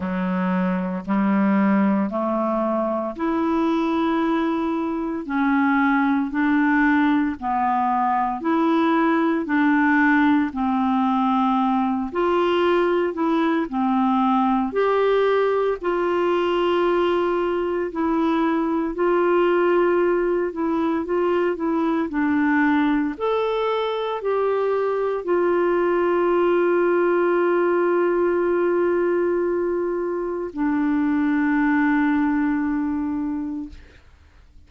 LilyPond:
\new Staff \with { instrumentName = "clarinet" } { \time 4/4 \tempo 4 = 57 fis4 g4 a4 e'4~ | e'4 cis'4 d'4 b4 | e'4 d'4 c'4. f'8~ | f'8 e'8 c'4 g'4 f'4~ |
f'4 e'4 f'4. e'8 | f'8 e'8 d'4 a'4 g'4 | f'1~ | f'4 d'2. | }